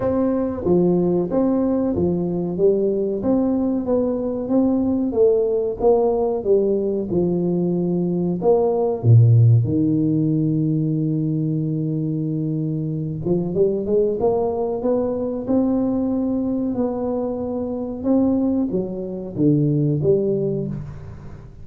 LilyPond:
\new Staff \with { instrumentName = "tuba" } { \time 4/4 \tempo 4 = 93 c'4 f4 c'4 f4 | g4 c'4 b4 c'4 | a4 ais4 g4 f4~ | f4 ais4 ais,4 dis4~ |
dis1~ | dis8 f8 g8 gis8 ais4 b4 | c'2 b2 | c'4 fis4 d4 g4 | }